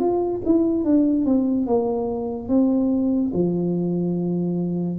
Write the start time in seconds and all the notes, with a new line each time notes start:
0.00 F4
0.45 E4
0.85 D4
1.26 C4
1.67 A#3
2.48 C4
3.34 F3